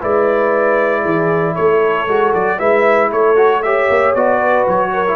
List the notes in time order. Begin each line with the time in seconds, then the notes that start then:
0.00 G#3 E4 B4 D5
1.01 E3 G#4
1.55 A3 A4 C#5
2.07 G#3 F#4
2.34 F#3 D5
2.58 G#3 E4 B4 E5
3.11 A3 A4 C#5
3.35 F#4
3.62 G4 C#5 E5
3.89 A#3
4.14 B3 F#4 D5
4.38 B4
4.67 F#3 C#5
4.93 A#4
5.07 E4